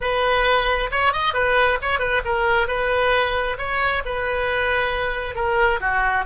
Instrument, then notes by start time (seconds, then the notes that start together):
oboe
0.00 B4
0.91 C#5
1.13 D#5
1.33 B4
1.81 C#5
1.99 B4
2.24 A#4
2.67 B4
3.58 C#5
4.05 B4
5.35 A#4
5.80 F#4